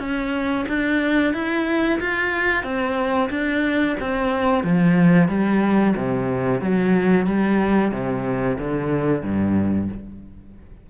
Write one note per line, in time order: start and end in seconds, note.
0.00 0.66 C#4
0.69 1.34 D4
1.34 2.00 E4
2.00 2.64 F4
2.64 3.30 C4
3.31 3.97 D4
4.01 4.64 C4
4.64 5.29 F3
5.29 5.95 G3
5.97 6.61 C3
6.61 7.27 F#3
7.27 7.92 G3
7.92 8.58 C3
8.59 9.23 D3
9.23 9.89 G2